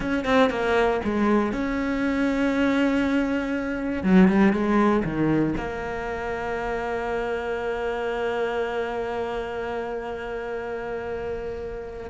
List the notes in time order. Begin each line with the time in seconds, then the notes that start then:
0.00 C#4
0.25 C4
0.50 A#3
1.04 G#3
1.52 C#4
4.03 F#3
4.27 G3
4.52 G#3
5.04 D#3
5.57 A#3